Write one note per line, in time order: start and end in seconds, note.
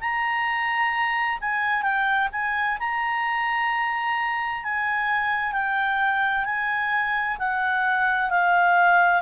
0.00 1.38 A#5
1.41 1.82 G#5
1.82 2.28 G5
2.32 2.78 G#5
2.79 4.64 A#5
4.64 5.53 G#5
5.53 6.45 G5
6.45 7.37 G#5
7.38 8.30 F#5
8.30 9.21 F5